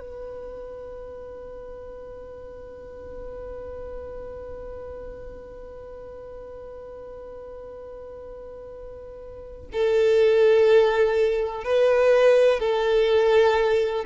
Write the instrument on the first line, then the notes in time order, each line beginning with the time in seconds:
violin
0.00 B4
9.73 A4
11.64 B4
12.59 A4